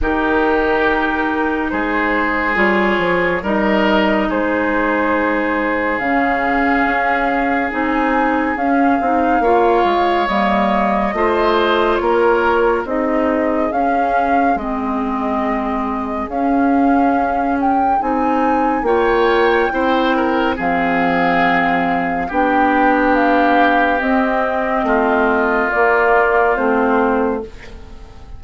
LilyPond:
<<
  \new Staff \with { instrumentName = "flute" } { \time 4/4 \tempo 4 = 70 ais'2 c''4 cis''4 | dis''4 c''2 f''4~ | f''4 gis''4 f''2 | dis''2 cis''4 dis''4 |
f''4 dis''2 f''4~ | f''8 g''8 gis''4 g''2 | f''2 g''4 f''4 | dis''2 d''4 c''4 | }
  \new Staff \with { instrumentName = "oboe" } { \time 4/4 g'2 gis'2 | ais'4 gis'2.~ | gis'2. cis''4~ | cis''4 c''4 ais'4 gis'4~ |
gis'1~ | gis'2 cis''4 c''8 ais'8 | gis'2 g'2~ | g'4 f'2. | }
  \new Staff \with { instrumentName = "clarinet" } { \time 4/4 dis'2. f'4 | dis'2. cis'4~ | cis'4 dis'4 cis'8 dis'8 f'4 | ais4 f'2 dis'4 |
cis'4 c'2 cis'4~ | cis'4 dis'4 f'4 e'4 | c'2 d'2 | c'2 ais4 c'4 | }
  \new Staff \with { instrumentName = "bassoon" } { \time 4/4 dis2 gis4 g8 f8 | g4 gis2 cis4 | cis'4 c'4 cis'8 c'8 ais8 gis8 | g4 a4 ais4 c'4 |
cis'4 gis2 cis'4~ | cis'4 c'4 ais4 c'4 | f2 b2 | c'4 a4 ais4 a4 | }
>>